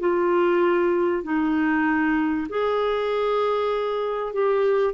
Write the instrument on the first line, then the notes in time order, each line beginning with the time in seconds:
clarinet
0.00 F4
1.24 D#4
2.49 G#4
4.33 G4